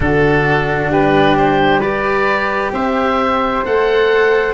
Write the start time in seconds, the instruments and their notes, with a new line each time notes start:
0.00 tuba D3, cello D4, flute F#4, oboe A4
0.89 tuba G3, flute G4, oboe B4
1.37 oboe C5
1.80 cello G4, flute B4, oboe D5
2.72 tuba C4, flute C5, oboe E5
3.64 tuba A3, cello A4, oboe F#5